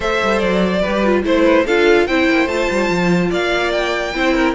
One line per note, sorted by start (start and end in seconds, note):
0.00 0.21 A3
0.00 0.79 A4
0.00 0.81 C5
0.00 0.39 E5
0.23 0.42 G3
0.39 0.83 F#3
0.39 1.21 D5
0.81 1.04 G4
0.81 1.22 B4
0.87 1.23 G3
1.04 1.23 F4
1.23 1.65 A3
1.23 1.64 E4
1.23 1.44 C5
1.23 1.67 C5
1.44 1.64 B4
1.65 2.07 D4
1.65 2.09 F4
1.65 2.06 A4
1.65 2.07 F5
2.06 2.28 C4
2.06 2.48 E4
2.06 3.30 C5
2.06 2.48 G5
2.29 2.46 A#3
2.46 2.67 A3
2.46 4.13 F4
2.46 3.30 A5
2.70 2.89 G3
2.89 3.30 F3
3.30 4.14 A#3
3.30 4.13 D5
3.30 3.72 F5
3.72 4.54 G5
4.14 4.54 C4
4.14 4.54 E4
4.14 4.34 C5
4.34 4.54 A#4